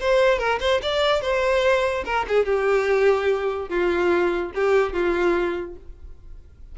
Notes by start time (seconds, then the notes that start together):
0.00 C5
0.38 A#4
0.60 C5
0.82 D5
1.21 C5
2.05 A#4
2.28 G#4
2.45 G4
3.69 F4
4.55 G4
4.93 F4